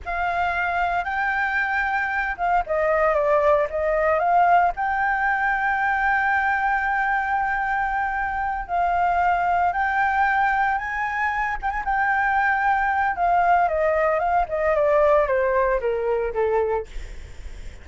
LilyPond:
\new Staff \with { instrumentName = "flute" } { \time 4/4 \tempo 4 = 114 f''2 g''2~ | g''8 f''8 dis''4 d''4 dis''4 | f''4 g''2.~ | g''1~ |
g''8 f''2 g''4.~ | g''8 gis''4. g''16 gis''16 g''4.~ | g''4 f''4 dis''4 f''8 dis''8 | d''4 c''4 ais'4 a'4 | }